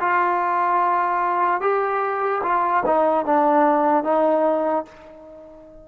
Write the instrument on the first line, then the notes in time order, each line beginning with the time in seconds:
trombone
0.00 F4
1.61 G4
2.43 F4
2.85 D#4
3.25 D4
4.04 D#4